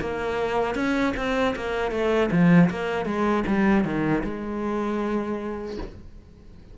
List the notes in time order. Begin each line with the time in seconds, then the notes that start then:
0.00 A#3
0.74 C#4
1.16 C4
1.55 A#3
1.91 A3
2.31 F3
2.70 A#3
3.05 G#3
3.47 G3
3.84 D#3
4.23 G#3